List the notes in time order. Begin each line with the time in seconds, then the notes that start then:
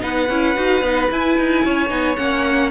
0.00 B3 D#4 B4 F#5
0.30 C#4 E4
0.56 D#4 F#4
0.81 B3 D#4
1.11 E4 G#5
1.38 D#4
1.65 C#4 C#5
1.89 B3 D#4
2.16 A#3 C#4 F#5